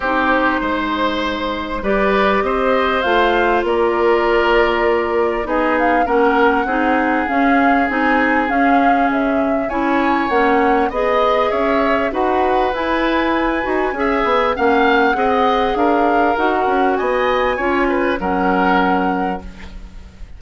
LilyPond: <<
  \new Staff \with { instrumentName = "flute" } { \time 4/4 \tempo 4 = 99 c''2. d''4 | dis''4 f''4 d''2~ | d''4 dis''8 f''8 fis''2 | f''4 gis''4 f''4 e''4 |
gis''4 fis''4 dis''4 e''4 | fis''4 gis''2. | fis''2 f''4 fis''4 | gis''2 fis''2 | }
  \new Staff \with { instrumentName = "oboe" } { \time 4/4 g'4 c''2 b'4 | c''2 ais'2~ | ais'4 gis'4 ais'4 gis'4~ | gis'1 |
cis''2 dis''4 cis''4 | b'2. e''4 | f''4 dis''4 ais'2 | dis''4 cis''8 b'8 ais'2 | }
  \new Staff \with { instrumentName = "clarinet" } { \time 4/4 dis'2. g'4~ | g'4 f'2.~ | f'4 dis'4 cis'4 dis'4 | cis'4 dis'4 cis'2 |
e'4 cis'4 gis'2 | fis'4 e'4. fis'8 gis'4 | cis'4 gis'2 fis'4~ | fis'4 f'4 cis'2 | }
  \new Staff \with { instrumentName = "bassoon" } { \time 4/4 c'4 gis2 g4 | c'4 a4 ais2~ | ais4 b4 ais4 c'4 | cis'4 c'4 cis'4 cis4 |
cis'4 ais4 b4 cis'4 | dis'4 e'4. dis'8 cis'8 b8 | ais4 c'4 d'4 dis'8 cis'8 | b4 cis'4 fis2 | }
>>